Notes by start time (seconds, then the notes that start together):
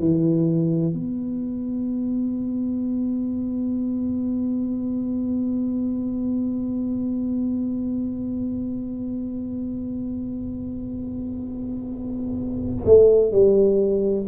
0.00 E3
0.94 B3
12.86 A3
13.32 G3